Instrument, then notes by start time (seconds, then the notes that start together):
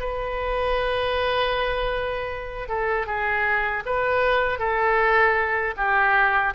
oboe
0.00 B4
2.69 A4
3.07 G#4
3.86 B4
4.59 A4
5.77 G4